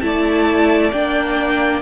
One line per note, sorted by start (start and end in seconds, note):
0.00 0.92 A3
0.00 0.91 E4
0.00 1.82 D5
0.00 0.90 A5
0.92 1.82 A#3
0.92 1.82 D4
0.92 1.82 G5